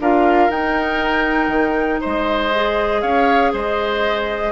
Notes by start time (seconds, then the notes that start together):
0.00 D4 F4 A#4 F5
0.49 D#4 G5
1.47 D#3
2.00 G#3 C5 D#5
2.54 G#4
3.01 C#4 C#5 F5
3.52 G#3 C5 D#5